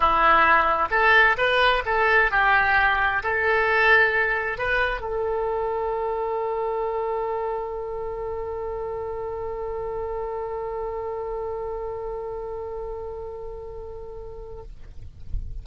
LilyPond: \new Staff \with { instrumentName = "oboe" } { \time 4/4 \tempo 4 = 131 e'2 a'4 b'4 | a'4 g'2 a'4~ | a'2 b'4 a'4~ | a'1~ |
a'1~ | a'1~ | a'1~ | a'1 | }